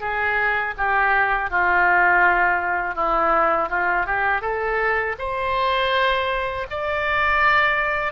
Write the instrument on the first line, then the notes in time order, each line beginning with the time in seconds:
oboe
0.00 G#4
0.77 G4
1.50 F4
2.95 E4
3.69 F4
4.06 G4
4.41 A4
5.18 C5
6.70 D5